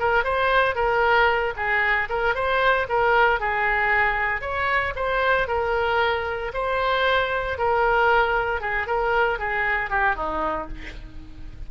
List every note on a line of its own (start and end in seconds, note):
0.00 0.24 A#4
0.24 0.76 C5
0.76 1.54 A#4
1.57 2.09 G#4
2.10 2.35 A#4
2.35 2.87 C5
2.89 3.40 A#4
3.40 4.42 G#4
4.42 4.94 C#5
4.96 5.48 C5
5.48 6.52 A#4
6.54 7.58 C5
7.58 8.61 A#4
8.61 8.87 G#4
8.87 9.39 A#4
9.39 9.90 G#4
9.90 10.16 G4
10.16 10.68 D#4